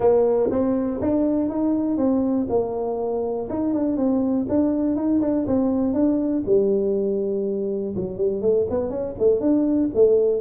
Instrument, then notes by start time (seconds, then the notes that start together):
tuba
0.00 A#3
0.50 C4
1.01 D4
1.49 D#4
1.97 C4
2.49 A#3
3.49 D#4
3.73 D4
3.97 C4
4.49 D4
4.95 D#4
5.21 D4
5.46 C4
5.93 D4
6.46 G3
7.96 F#3
8.17 G3
8.41 A3
8.70 B3
8.90 C#4
9.18 A3
9.40 D4
9.94 A3